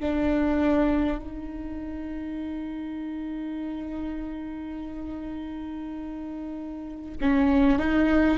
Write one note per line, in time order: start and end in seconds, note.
0.00 1.18 D4
1.18 7.18 D#4
7.21 7.79 C#4
7.79 8.38 D#4